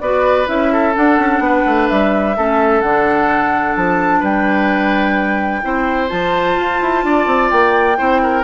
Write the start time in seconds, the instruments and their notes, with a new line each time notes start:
0.00 bassoon B3, clarinet F#4, oboe B4, flute D5
0.46 bassoon C#4, clarinet E4, flute E5
0.73 oboe A4
0.95 clarinet D4, bassoon D4, flute F#5
1.19 bassoon C#4
1.39 bassoon B3, oboe B4
1.66 bassoon A3
1.89 bassoon G3, flute E5
2.37 bassoon A3, clarinet C#4, oboe A4
2.81 bassoon D3, clarinet D4, flute F#5
3.76 bassoon F3, flute A5
4.20 bassoon G3, oboe B4, flute G5
5.62 bassoon C4, clarinet E4, oboe C5
6.08 bassoon F3, clarinet F4, flute A5
6.56 bassoon F4
6.82 bassoon E4
7.04 bassoon D4, oboe D5
7.27 bassoon C4
7.50 bassoon A#3, flute G5
7.97 bassoon C4, clarinet E4, oboe C5
8.23 oboe A#4